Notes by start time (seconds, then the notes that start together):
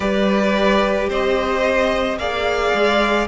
0.00 G3 G4 B4 D5
1.09 C4 C5 D#5
2.17 A#3 G#4 D5 F5
2.73 G#3